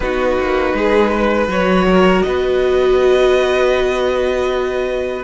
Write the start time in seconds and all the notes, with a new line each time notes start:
0.00 B3 D#4 F#4 B4
0.38 A#3
0.73 G#3 G#4
1.10 B4
1.47 F#3 F#4 C#5
1.88 A#4
2.22 B3 B4 D#5